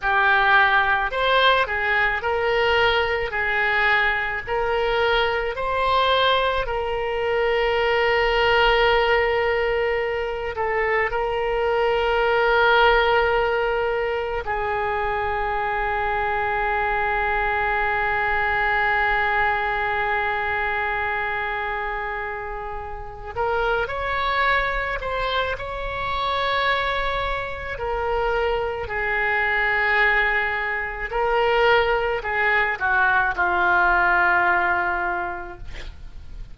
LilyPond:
\new Staff \with { instrumentName = "oboe" } { \time 4/4 \tempo 4 = 54 g'4 c''8 gis'8 ais'4 gis'4 | ais'4 c''4 ais'2~ | ais'4. a'8 ais'2~ | ais'4 gis'2.~ |
gis'1~ | gis'4 ais'8 cis''4 c''8 cis''4~ | cis''4 ais'4 gis'2 | ais'4 gis'8 fis'8 f'2 | }